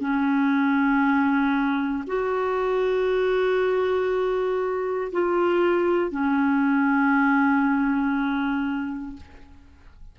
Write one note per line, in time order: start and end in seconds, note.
0.00 2.03 C#4
2.07 5.12 F#4
5.12 6.11 F4
6.11 9.16 C#4